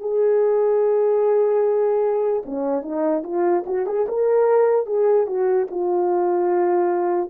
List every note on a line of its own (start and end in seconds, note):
0.00 2.43 G#4
2.46 2.83 C#4
2.83 3.23 D#4
3.24 3.64 F4
3.67 3.87 F#4
3.87 4.07 G#4
4.09 4.87 A#4
4.87 5.27 G#4
5.27 5.68 F#4
5.71 7.30 F4